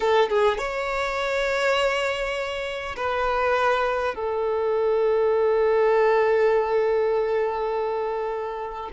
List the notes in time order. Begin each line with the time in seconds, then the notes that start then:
0.00 A4
0.29 G#4
0.58 C#5
2.96 B4
4.14 A4